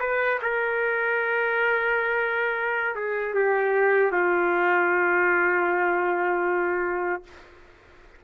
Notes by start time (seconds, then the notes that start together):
0.00 B4
0.42 A#4
2.95 G#4
3.34 G4
4.12 F4